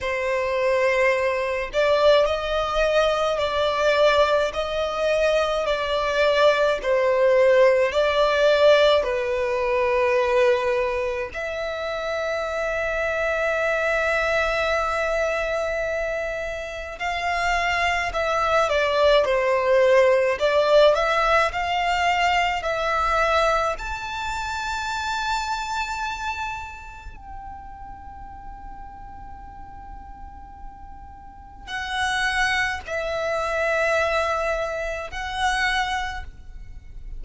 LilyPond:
\new Staff \with { instrumentName = "violin" } { \time 4/4 \tempo 4 = 53 c''4. d''8 dis''4 d''4 | dis''4 d''4 c''4 d''4 | b'2 e''2~ | e''2. f''4 |
e''8 d''8 c''4 d''8 e''8 f''4 | e''4 a''2. | g''1 | fis''4 e''2 fis''4 | }